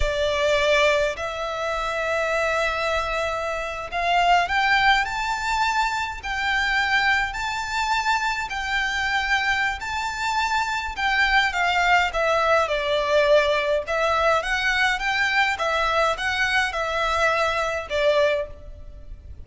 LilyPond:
\new Staff \with { instrumentName = "violin" } { \time 4/4 \tempo 4 = 104 d''2 e''2~ | e''2~ e''8. f''4 g''16~ | g''8. a''2 g''4~ g''16~ | g''8. a''2 g''4~ g''16~ |
g''4 a''2 g''4 | f''4 e''4 d''2 | e''4 fis''4 g''4 e''4 | fis''4 e''2 d''4 | }